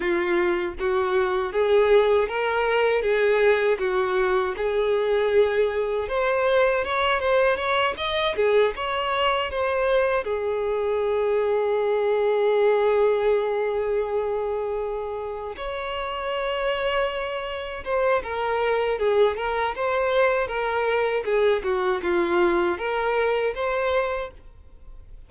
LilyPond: \new Staff \with { instrumentName = "violin" } { \time 4/4 \tempo 4 = 79 f'4 fis'4 gis'4 ais'4 | gis'4 fis'4 gis'2 | c''4 cis''8 c''8 cis''8 dis''8 gis'8 cis''8~ | cis''8 c''4 gis'2~ gis'8~ |
gis'1~ | gis'8 cis''2. c''8 | ais'4 gis'8 ais'8 c''4 ais'4 | gis'8 fis'8 f'4 ais'4 c''4 | }